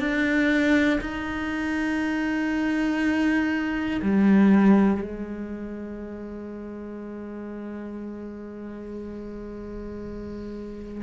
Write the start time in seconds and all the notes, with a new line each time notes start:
0.00 D4
1.00 D#4
4.02 G3
5.02 G#3